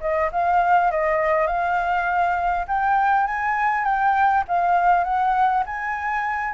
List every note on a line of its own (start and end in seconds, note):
0.00 0.30 D#5
0.32 0.91 F5
0.91 1.47 D#5
1.47 2.65 F5
2.68 3.27 G5
3.27 3.85 G#5
3.85 4.44 G5
4.48 5.04 F5
5.04 5.63 F#5
5.66 6.53 G#5